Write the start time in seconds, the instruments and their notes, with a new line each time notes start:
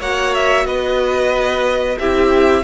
0.00 cello A#3, viola F#4, violin C#5 F#5
0.35 violin E5
0.65 cello B3, violin B4 D#5
1.99 cello C4, viola E4, violin G4 E5